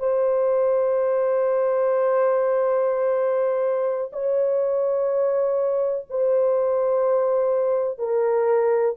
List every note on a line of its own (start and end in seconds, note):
0.00 4.11 C5
4.13 6.06 C#5
6.10 7.99 C5
7.99 8.96 A#4